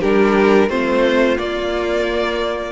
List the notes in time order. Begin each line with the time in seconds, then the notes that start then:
0.00 G3 D4 G4 A#4
0.68 A3 C4 F4 C5
1.37 A#3 D5